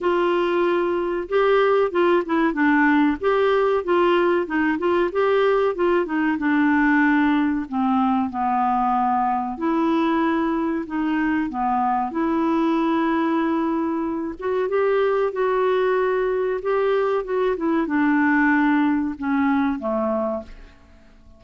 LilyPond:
\new Staff \with { instrumentName = "clarinet" } { \time 4/4 \tempo 4 = 94 f'2 g'4 f'8 e'8 | d'4 g'4 f'4 dis'8 f'8 | g'4 f'8 dis'8 d'2 | c'4 b2 e'4~ |
e'4 dis'4 b4 e'4~ | e'2~ e'8 fis'8 g'4 | fis'2 g'4 fis'8 e'8 | d'2 cis'4 a4 | }